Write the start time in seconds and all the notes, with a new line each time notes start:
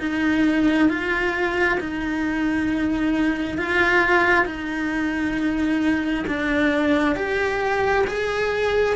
0.00 D#4
0.89 F4
1.80 D#4
3.58 F4
4.46 D#4
6.28 D4
7.16 G4
8.08 G#4